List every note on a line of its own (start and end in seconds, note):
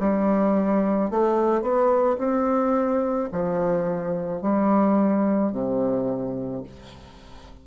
0.00 1.11 G3
1.11 1.62 A3
1.62 2.17 B3
2.18 3.29 C4
3.32 4.42 F3
4.42 5.53 G3
5.53 6.64 C3